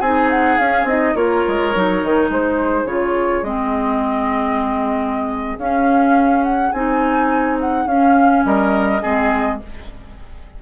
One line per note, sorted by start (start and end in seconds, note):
0.00 0.58 C4
0.00 0.59 D#4
0.00 1.14 G#4
0.00 0.29 G#5
0.30 0.57 F#5
0.57 0.84 C#4
0.57 0.88 C#4
0.57 0.86 F5
0.84 1.12 C4
0.84 1.15 D#4
0.84 1.15 D#5
1.15 1.43 A#3
1.15 1.72 F4
1.15 2.30 A#4
1.15 2.30 C#5
1.47 1.75 G#3
1.75 2.03 F#3
1.75 2.87 D#4
2.03 2.29 D#3
2.29 2.84 G#3
2.29 8.44 G#4
2.29 2.87 C5
2.84 3.41 C#3
2.84 3.44 F4
2.84 3.44 C#5
3.42 5.57 G#3
3.42 5.58 C4
3.42 5.58 D#5
5.58 6.72 C#4
5.58 6.73 C#4
5.58 6.43 F5
6.43 6.72 F#5
6.72 7.86 C4
6.72 7.88 D#4
6.72 7.57 G#5
7.60 7.87 F#5
7.86 8.43 C#4
7.86 9.01 C#4
7.86 8.44 F5
8.45 9.02 G3
8.45 9.02 A#4
8.45 9.60 D#5
9.01 9.61 G#3
9.01 9.59 C4
9.01 9.59 G#4